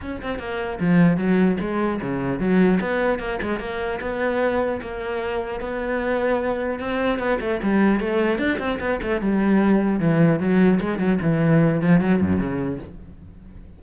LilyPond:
\new Staff \with { instrumentName = "cello" } { \time 4/4 \tempo 4 = 150 cis'8 c'8 ais4 f4 fis4 | gis4 cis4 fis4 b4 | ais8 gis8 ais4 b2 | ais2 b2~ |
b4 c'4 b8 a8 g4 | a4 d'8 c'8 b8 a8 g4~ | g4 e4 fis4 gis8 fis8 | e4. f8 fis8 fis,8 cis4 | }